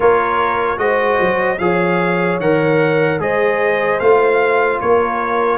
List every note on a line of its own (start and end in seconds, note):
0.00 0.77 A#3
0.00 0.77 F4
0.00 0.79 A#4
0.00 0.78 C#5
0.77 1.17 G#3
0.77 1.57 F#4
0.77 1.60 C5
0.77 1.58 D#5
1.20 1.59 F#3
1.58 2.39 F3
1.58 2.41 G#4
1.58 3.22 C#5
1.58 2.38 F5
2.39 3.19 D#3
2.39 3.19 A#4
2.39 3.20 F#5
3.19 3.99 G#3
3.19 3.99 G#4
3.19 4.82 C5
3.19 3.99 D#5
3.99 4.80 A3
3.99 5.57 F4
3.99 4.79 F5
4.80 5.57 A#3
4.80 5.57 A#4
4.80 5.57 C#5